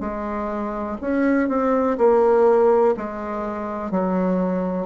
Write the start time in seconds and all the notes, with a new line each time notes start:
0.00 G#3
1.01 C#4
1.48 C4
1.98 A#3
2.97 G#3
3.91 F#3